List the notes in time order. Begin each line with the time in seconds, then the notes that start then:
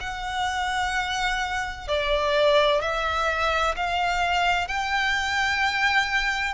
0.00 F#5
1.87 D5
2.81 E5
3.76 F5
4.67 G5